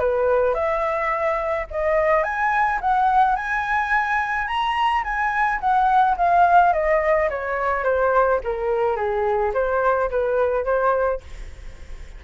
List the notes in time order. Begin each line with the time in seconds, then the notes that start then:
0.00 B4
0.55 E5
1.71 D#5
2.24 G#5
2.81 F#5
3.36 G#5
4.48 A#5
5.04 G#5
5.60 F#5
6.18 F5
6.73 D#5
7.30 C#5
7.85 C5
8.44 A#4
8.97 G#4
9.54 C5
10.11 B4
10.65 C5